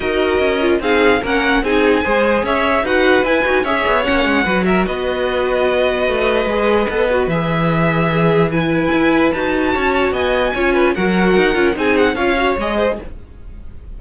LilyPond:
<<
  \new Staff \with { instrumentName = "violin" } { \time 4/4 \tempo 4 = 148 dis''2 f''4 fis''4 | gis''2 e''4 fis''4 | gis''4 e''4 fis''4. e''8 | dis''1~ |
dis''2 e''2~ | e''4 gis''2 a''4~ | a''4 gis''2 fis''4~ | fis''4 gis''8 fis''8 f''4 dis''4 | }
  \new Staff \with { instrumentName = "violin" } { \time 4/4 ais'2 gis'4 ais'4 | gis'4 c''4 cis''4 b'4~ | b'4 cis''2 b'8 ais'8 | b'1~ |
b'1 | gis'4 b'2. | cis''4 dis''4 cis''8 b'8 ais'4~ | ais'4 gis'4 cis''4. c''8 | }
  \new Staff \with { instrumentName = "viola" } { \time 4/4 fis'4. f'8 dis'4 cis'4 | dis'4 gis'2 fis'4 | e'8 fis'8 gis'4 cis'4 fis'4~ | fis'1 |
gis'4 a'8 fis'8 gis'2~ | gis'4 e'2 fis'4~ | fis'2 f'4 fis'4~ | fis'8 f'8 dis'4 f'8 fis'8 gis'4 | }
  \new Staff \with { instrumentName = "cello" } { \time 4/4 dis'4 cis'4 c'4 ais4 | c'4 gis4 cis'4 dis'4 | e'8 dis'8 cis'8 b8 ais8 gis8 fis4 | b2. a4 |
gis4 b4 e2~ | e2 e'4 dis'4 | cis'4 b4 cis'4 fis4 | dis'8 cis'8 c'4 cis'4 gis4 | }
>>